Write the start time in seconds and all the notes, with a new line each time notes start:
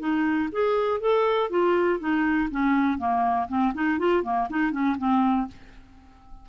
0.00 D#4
0.53 G#4
1.01 A4
1.51 F4
2.00 D#4
2.51 C#4
2.99 A#3
3.49 C4
3.74 D#4
3.99 F4
4.24 A#3
4.50 D#4
4.72 C#4
4.99 C4